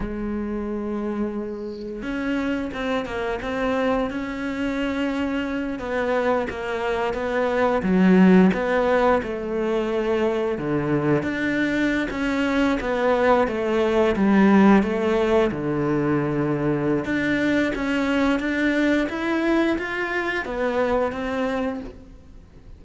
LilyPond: \new Staff \with { instrumentName = "cello" } { \time 4/4 \tempo 4 = 88 gis2. cis'4 | c'8 ais8 c'4 cis'2~ | cis'8 b4 ais4 b4 fis8~ | fis8 b4 a2 d8~ |
d8 d'4~ d'16 cis'4 b4 a16~ | a8. g4 a4 d4~ d16~ | d4 d'4 cis'4 d'4 | e'4 f'4 b4 c'4 | }